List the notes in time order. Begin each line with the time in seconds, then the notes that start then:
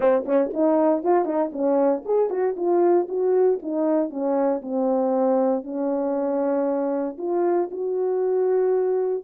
0.00 C4
0.25 C#4
0.53 D#4
1.03 F4
1.25 D#4
1.52 C#4
2.05 G#4
2.30 F#4
2.56 F4
3.08 F#4
3.62 D#4
4.10 C#4
4.62 C4
5.63 C#4
7.18 F4
7.71 F#4